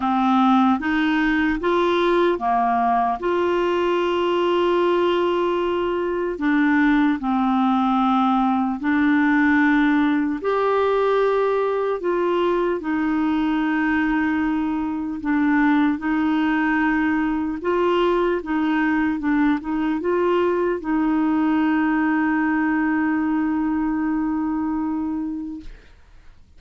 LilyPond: \new Staff \with { instrumentName = "clarinet" } { \time 4/4 \tempo 4 = 75 c'4 dis'4 f'4 ais4 | f'1 | d'4 c'2 d'4~ | d'4 g'2 f'4 |
dis'2. d'4 | dis'2 f'4 dis'4 | d'8 dis'8 f'4 dis'2~ | dis'1 | }